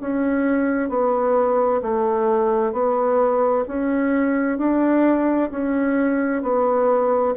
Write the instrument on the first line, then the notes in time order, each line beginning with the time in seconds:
bassoon
0.00 C#4
0.89 B3
1.82 A3
2.72 B3
3.67 C#4
4.57 D4
5.50 C#4
6.42 B3